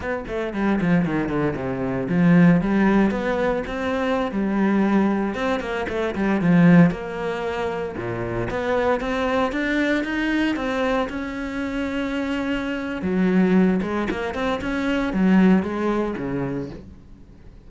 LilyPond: \new Staff \with { instrumentName = "cello" } { \time 4/4 \tempo 4 = 115 b8 a8 g8 f8 dis8 d8 c4 | f4 g4 b4 c'4~ | c'16 g2 c'8 ais8 a8 g16~ | g16 f4 ais2 ais,8.~ |
ais,16 b4 c'4 d'4 dis'8.~ | dis'16 c'4 cis'2~ cis'8.~ | cis'4 fis4. gis8 ais8 c'8 | cis'4 fis4 gis4 cis4 | }